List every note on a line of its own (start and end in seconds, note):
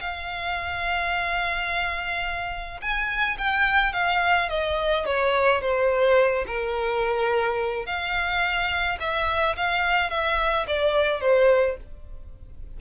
0.00 2.80 F5
2.81 3.37 G#5
3.38 3.93 G5
3.93 4.49 F5
4.49 5.05 D#5
5.05 5.61 C#5
5.61 6.45 C5
6.47 7.86 A#4
7.86 8.98 F5
9.00 9.56 E5
9.56 10.10 F5
10.10 10.66 E5
10.67 11.20 D5
11.20 11.77 C5